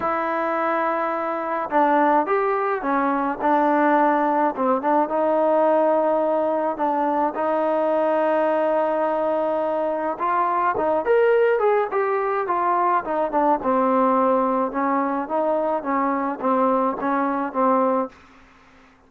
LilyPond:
\new Staff \with { instrumentName = "trombone" } { \time 4/4 \tempo 4 = 106 e'2. d'4 | g'4 cis'4 d'2 | c'8 d'8 dis'2. | d'4 dis'2.~ |
dis'2 f'4 dis'8 ais'8~ | ais'8 gis'8 g'4 f'4 dis'8 d'8 | c'2 cis'4 dis'4 | cis'4 c'4 cis'4 c'4 | }